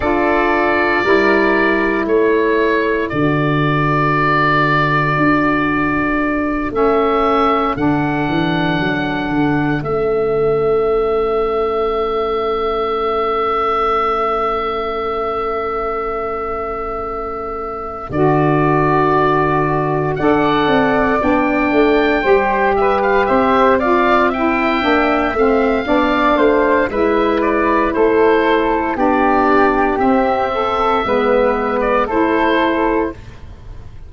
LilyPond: <<
  \new Staff \with { instrumentName = "oboe" } { \time 4/4 \tempo 4 = 58 d''2 cis''4 d''4~ | d''2~ d''8 e''4 fis''8~ | fis''4. e''2~ e''8~ | e''1~ |
e''4. d''2 fis''8~ | fis''8 g''4. e''16 f''16 e''8 f''8 g''8~ | g''8 f''4. e''8 d''8 c''4 | d''4 e''4.~ e''16 d''16 c''4 | }
  \new Staff \with { instrumentName = "flute" } { \time 4/4 a'4 ais'4 a'2~ | a'1~ | a'1~ | a'1~ |
a'2.~ a'8 d''8~ | d''4. c''8 b'8 c''8 d''8 e''8~ | e''4 d''8 c''8 b'4 a'4 | g'4. a'8 b'4 a'4 | }
  \new Staff \with { instrumentName = "saxophone" } { \time 4/4 f'4 e'2 fis'4~ | fis'2~ fis'8 cis'4 d'8~ | d'4. cis'2~ cis'8~ | cis'1~ |
cis'4. fis'2 a'8~ | a'8 d'4 g'4. f'8 e'8 | d'8 c'8 d'4 e'2 | d'4 c'4 b4 e'4 | }
  \new Staff \with { instrumentName = "tuba" } { \time 4/4 d'4 g4 a4 d4~ | d4 d'4. a4 d8 | e8 fis8 d8 a2~ a8~ | a1~ |
a4. d2 d'8 | c'8 b8 a8 g4 c'4. | ais8 a8 b8 a8 gis4 a4 | b4 c'4 gis4 a4 | }
>>